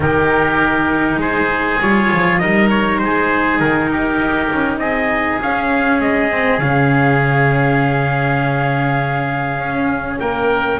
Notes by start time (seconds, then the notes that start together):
0.00 D#3 D#4 G4 A#4
1.16 G#3 G#4 C5
1.80 G3 F4 C#5
2.12 F3
2.38 G3 D#4 A#4 D#5
2.69 C#5
2.98 G#3 G#4 C5
3.59 D#3 A#4
3.90 G4
4.18 D#4
4.52 C#4
4.77 C4 G#4 D#5
5.41 C#4 F5
6.00 G#3 D#5
6.31 C4
6.58 C#3 C#4 F5
9.58 C#4
10.19 A#3 A#4 G5